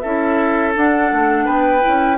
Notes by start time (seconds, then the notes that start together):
0.00 C#4 E4 A4 E5
0.75 D4 F#5
1.12 A3
1.45 B3 B4 G5
1.81 E4
1.87 C#4